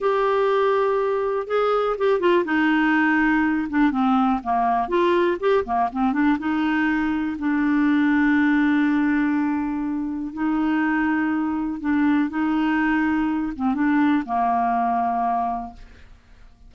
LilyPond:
\new Staff \with { instrumentName = "clarinet" } { \time 4/4 \tempo 4 = 122 g'2. gis'4 | g'8 f'8 dis'2~ dis'8 d'8 | c'4 ais4 f'4 g'8 ais8 | c'8 d'8 dis'2 d'4~ |
d'1~ | d'4 dis'2. | d'4 dis'2~ dis'8 c'8 | d'4 ais2. | }